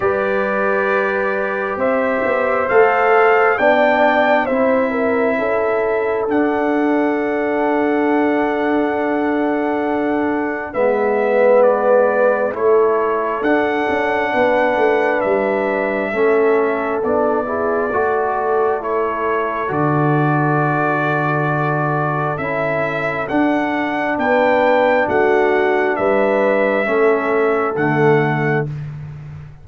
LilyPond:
<<
  \new Staff \with { instrumentName = "trumpet" } { \time 4/4 \tempo 4 = 67 d''2 e''4 f''4 | g''4 e''2 fis''4~ | fis''1 | e''4 d''4 cis''4 fis''4~ |
fis''4 e''2 d''4~ | d''4 cis''4 d''2~ | d''4 e''4 fis''4 g''4 | fis''4 e''2 fis''4 | }
  \new Staff \with { instrumentName = "horn" } { \time 4/4 b'2 c''2 | d''4 c''8 ais'8 a'2~ | a'1 | b'2 a'2 |
b'2 a'4. gis'8 | a'1~ | a'2. b'4 | fis'4 b'4 a'2 | }
  \new Staff \with { instrumentName = "trombone" } { \time 4/4 g'2. a'4 | d'4 e'2 d'4~ | d'1 | b2 e'4 d'4~ |
d'2 cis'4 d'8 e'8 | fis'4 e'4 fis'2~ | fis'4 e'4 d'2~ | d'2 cis'4 a4 | }
  \new Staff \with { instrumentName = "tuba" } { \time 4/4 g2 c'8 b8 a4 | b4 c'4 cis'4 d'4~ | d'1 | gis2 a4 d'8 cis'8 |
b8 a8 g4 a4 b4 | a2 d2~ | d4 cis'4 d'4 b4 | a4 g4 a4 d4 | }
>>